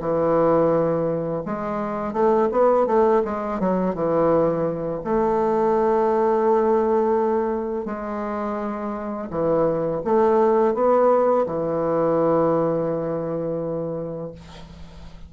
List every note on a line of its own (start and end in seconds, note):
0.00 1.43 E3
1.45 2.13 G#3
2.13 2.48 A3
2.51 2.86 B3
2.86 3.22 A3
3.24 3.60 G#3
3.60 3.94 F#3
3.94 5.02 E3
5.04 7.85 A3
7.85 9.28 G#3
9.30 10.01 E3
10.04 10.74 A3
10.74 11.45 B3
11.46 14.31 E3